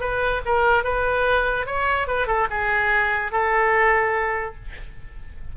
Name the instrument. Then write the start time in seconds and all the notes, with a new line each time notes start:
oboe
0.00 B4
0.45 A#4
0.84 B4
1.66 C#5
2.07 B4
2.27 A4
2.50 G#4
3.32 A4